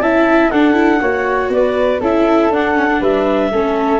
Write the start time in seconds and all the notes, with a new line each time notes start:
0.00 C#4 E4 E5 A5
0.50 D4 A4 F#5
0.73 E4
1.01 A#3 F#4 C#5
1.49 B3 B4 D5
2.00 C#4 E4 A4 E5
2.50 D4 F#5
2.75 C#4
2.89 D4
3.00 G3 B4 E5
3.52 A3 C#4 A4